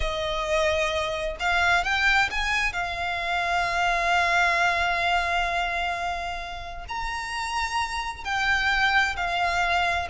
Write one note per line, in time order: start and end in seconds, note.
0.00 1.36 D#5
1.39 1.84 F5
1.84 2.29 G5
2.30 2.73 G#5
2.73 6.85 F5
6.88 8.24 A#5
8.24 9.16 G5
9.16 10.07 F5